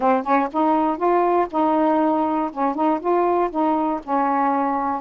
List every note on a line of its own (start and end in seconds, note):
0.00 0.23 C4
0.23 0.48 C#4
0.52 0.97 D#4
0.97 1.47 F4
1.50 2.50 D#4
2.51 2.74 C#4
2.74 2.99 D#4
3.00 3.50 F4
3.50 4.00 D#4
4.03 5.01 C#4